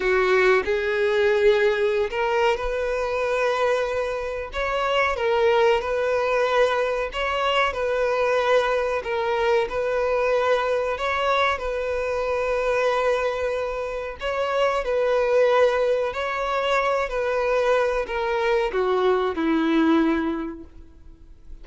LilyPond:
\new Staff \with { instrumentName = "violin" } { \time 4/4 \tempo 4 = 93 fis'4 gis'2~ gis'16 ais'8. | b'2. cis''4 | ais'4 b'2 cis''4 | b'2 ais'4 b'4~ |
b'4 cis''4 b'2~ | b'2 cis''4 b'4~ | b'4 cis''4. b'4. | ais'4 fis'4 e'2 | }